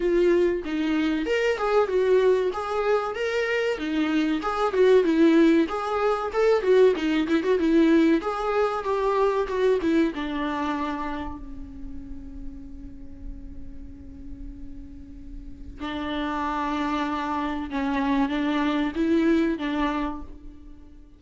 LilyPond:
\new Staff \with { instrumentName = "viola" } { \time 4/4 \tempo 4 = 95 f'4 dis'4 ais'8 gis'8 fis'4 | gis'4 ais'4 dis'4 gis'8 fis'8 | e'4 gis'4 a'8 fis'8 dis'8 e'16 fis'16 | e'4 gis'4 g'4 fis'8 e'8 |
d'2 cis'2~ | cis'1~ | cis'4 d'2. | cis'4 d'4 e'4 d'4 | }